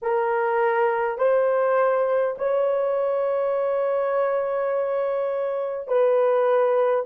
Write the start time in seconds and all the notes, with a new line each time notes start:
0.02 A#4
1.18 C5
2.37 C#5
5.87 B4